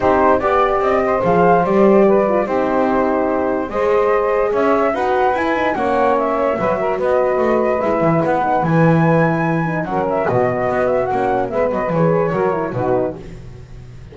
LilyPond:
<<
  \new Staff \with { instrumentName = "flute" } { \time 4/4 \tempo 4 = 146 c''4 d''4 dis''4 f''4 | d''2 c''2~ | c''4 dis''2 e''4 | fis''4 gis''4 fis''4 e''4~ |
e''4 dis''2 e''4 | fis''4 gis''2. | fis''8 e''8 dis''4. e''8 fis''4 | e''8 dis''8 cis''2 b'4 | }
  \new Staff \with { instrumentName = "saxophone" } { \time 4/4 g'4 d''4. c''4.~ | c''4 b'4 g'2~ | g'4 c''2 cis''4 | b'2 cis''2 |
b'8 ais'8 b'2.~ | b'1 | ais'4 fis'2. | b'2 ais'4 fis'4 | }
  \new Staff \with { instrumentName = "horn" } { \time 4/4 dis'4 g'2 gis'4 | g'4. f'8 dis'2~ | dis'4 gis'2. | fis'4 e'8 dis'8 cis'2 |
fis'2. e'4~ | e'8 dis'8 e'2~ e'8 dis'8 | cis'4 b2 cis'4 | b4 gis'4 fis'8 e'8 dis'4 | }
  \new Staff \with { instrumentName = "double bass" } { \time 4/4 c'4 b4 c'4 f4 | g2 c'2~ | c'4 gis2 cis'4 | dis'4 e'4 ais2 |
fis4 b4 a4 gis8 e8 | b4 e2. | fis4 b,4 b4 ais4 | gis8 fis8 e4 fis4 b,4 | }
>>